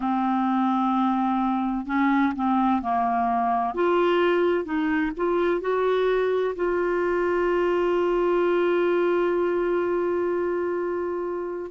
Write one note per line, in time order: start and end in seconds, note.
0.00 1.86 C4
1.86 2.33 C#4
2.35 2.82 C4
2.82 3.74 A#3
3.74 4.64 F4
4.64 5.11 D#4
5.16 5.60 F4
5.60 6.54 F#4
6.55 11.71 F4